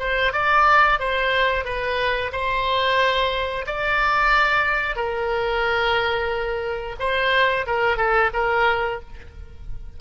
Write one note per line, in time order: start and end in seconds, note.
0.00 0.33 C5
0.33 1.00 D5
1.00 1.65 C5
1.65 2.32 B4
2.32 3.66 C5
3.67 4.96 D5
4.96 6.96 A#4
7.00 7.66 C5
7.67 7.97 A#4
7.97 8.31 A4
8.34 9.01 A#4